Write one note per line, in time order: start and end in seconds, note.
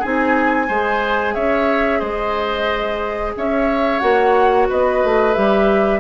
0.00 0.69 C4
0.00 0.68 D#4
0.00 0.67 G#4
0.00 1.35 G#5
0.68 1.36 G#3
0.68 4.01 G#4
0.68 1.35 C5
1.35 2.02 C#4
1.35 2.00 C#5
1.35 2.01 E5
2.00 3.35 G#3
2.00 3.33 C5
2.00 3.34 D#5
3.37 4.02 C#4
3.37 4.69 C#5
3.37 4.00 E5
4.00 4.69 A#3
4.00 5.34 F#4
4.00 4.66 F#5
4.69 5.04 B3
4.69 6.00 B4
4.69 5.34 D#5
5.04 5.37 A3
5.34 6.00 G3
5.34 6.00 G4
5.34 6.00 E5